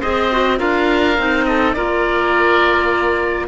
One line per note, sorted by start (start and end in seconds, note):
0.00 0.60 C4
0.00 0.31 G#4
0.00 0.58 C5
0.00 0.59 D#5
0.32 0.58 F#4
0.58 1.18 D4
0.58 1.16 F4
0.58 1.45 A#4
0.58 1.45 F5
1.18 1.75 C4
1.18 1.76 D#4
1.45 1.76 A4
1.45 1.73 D#5
1.73 3.48 A#3
1.73 3.48 F4
1.73 3.48 A#4
1.73 3.46 D5